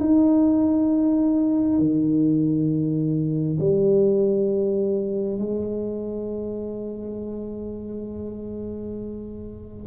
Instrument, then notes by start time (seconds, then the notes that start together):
tuba
0.00 D#4
1.79 D#3
3.59 G3
5.39 G#3